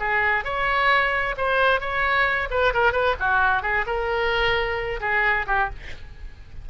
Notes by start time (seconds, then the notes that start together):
0.00 G#4
0.45 C#5
1.38 C5
1.81 C#5
2.51 B4
2.74 A#4
2.93 B4
3.20 F#4
3.63 G#4
3.87 A#4
5.01 G#4
5.47 G4